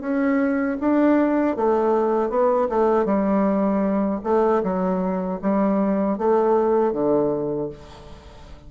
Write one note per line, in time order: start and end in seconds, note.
0.00 0.77 C#4
0.80 1.56 D4
1.56 2.29 A3
2.29 2.68 B3
2.69 3.05 A3
3.05 4.20 G3
4.23 4.62 A3
4.63 5.40 F#3
5.41 6.17 G3
6.17 6.92 A3
6.92 7.69 D3